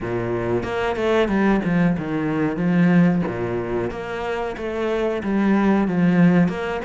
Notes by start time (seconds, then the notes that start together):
0.00 A#2
0.63 A#3
0.95 A3
1.28 G3
1.64 F3
1.97 D#3
2.56 F3
3.27 A#2
3.90 A#3
4.57 A3
5.23 G3
5.87 F3
6.48 A#3